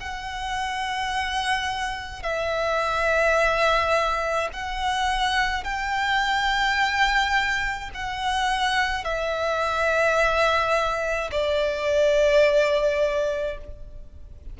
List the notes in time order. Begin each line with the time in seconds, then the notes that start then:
0.00 F#5
2.23 E5
4.53 F#5
5.64 G5
7.95 F#5
9.04 E5
11.32 D5